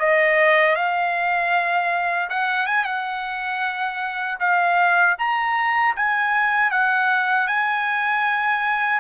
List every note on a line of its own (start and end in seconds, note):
0.00 0.76 D#5
0.76 2.30 F5
2.30 2.67 F#5
2.67 2.85 G#5
2.85 4.39 F#5
4.40 5.17 F5
5.19 5.96 A#5
5.97 6.71 G#5
6.71 7.48 F#5
7.48 9.00 G#5